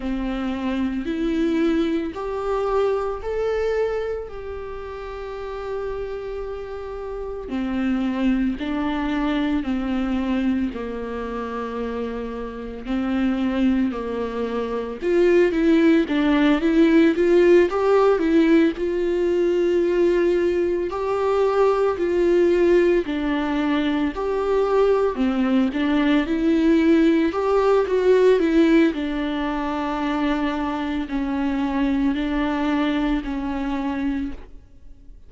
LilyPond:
\new Staff \with { instrumentName = "viola" } { \time 4/4 \tempo 4 = 56 c'4 e'4 g'4 a'4 | g'2. c'4 | d'4 c'4 ais2 | c'4 ais4 f'8 e'8 d'8 e'8 |
f'8 g'8 e'8 f'2 g'8~ | g'8 f'4 d'4 g'4 c'8 | d'8 e'4 g'8 fis'8 e'8 d'4~ | d'4 cis'4 d'4 cis'4 | }